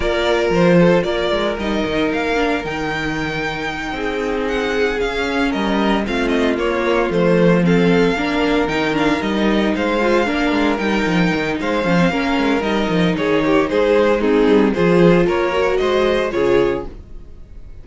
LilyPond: <<
  \new Staff \with { instrumentName = "violin" } { \time 4/4 \tempo 4 = 114 d''4 c''4 d''4 dis''4 | f''4 g''2.~ | g''8 fis''4 f''4 dis''4 f''8 | dis''8 cis''4 c''4 f''4.~ |
f''8 g''8 f''8 dis''4 f''4.~ | f''8 g''4. f''2 | dis''4 cis''4 c''4 gis'4 | c''4 cis''4 dis''4 cis''4 | }
  \new Staff \with { instrumentName = "violin" } { \time 4/4 ais'4. a'8 ais'2~ | ais'2.~ ais'8 gis'8~ | gis'2~ gis'8 ais'4 f'8~ | f'2~ f'8 a'4 ais'8~ |
ais'2~ ais'8 c''4 ais'8~ | ais'2 c''4 ais'4~ | ais'4 gis'8 g'8 gis'4 dis'4 | gis'4 ais'4 c''4 gis'4 | }
  \new Staff \with { instrumentName = "viola" } { \time 4/4 f'2. dis'4~ | dis'8 d'8 dis'2.~ | dis'4. cis'2 c'8~ | c'8 ais4 a4 c'4 d'8~ |
d'8 dis'8 d'8 dis'4. f'8 d'8~ | d'8 dis'2 cis'16 c'16 cis'4 | dis'2. c'4 | f'4. fis'4. f'4 | }
  \new Staff \with { instrumentName = "cello" } { \time 4/4 ais4 f4 ais8 gis8 g8 dis8 | ais4 dis2~ dis8 c'8~ | c'4. cis'4 g4 a8~ | a8 ais4 f2 ais8~ |
ais8 dis4 g4 gis4 ais8 | gis8 g8 f8 dis8 gis8 f8 ais8 gis8 | g8 f8 dis4 gis4. g8 | f4 ais4 gis4 cis4 | }
>>